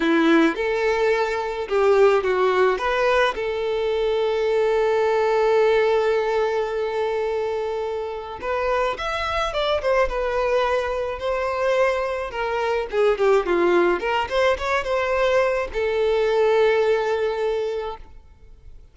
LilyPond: \new Staff \with { instrumentName = "violin" } { \time 4/4 \tempo 4 = 107 e'4 a'2 g'4 | fis'4 b'4 a'2~ | a'1~ | a'2. b'4 |
e''4 d''8 c''8 b'2 | c''2 ais'4 gis'8 g'8 | f'4 ais'8 c''8 cis''8 c''4. | a'1 | }